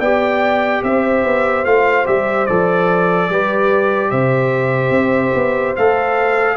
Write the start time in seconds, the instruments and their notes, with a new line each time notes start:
0.00 tuba B3, trombone G4, horn D5, trumpet G5
0.83 tuba C4, horn C5, trumpet E5
1.24 tuba B3
1.65 tuba A3, trombone F4, trumpet F5
2.06 tuba G3, trombone G4, trumpet E5
2.47 tuba F3, trombone A4, trumpet D5
3.30 tuba G3, trombone G4, horn B4
4.11 tuba C3, horn C5, trumpet E5
4.91 tuba C4
5.35 tuba B3
5.77 tuba A3, trombone A4, trumpet F5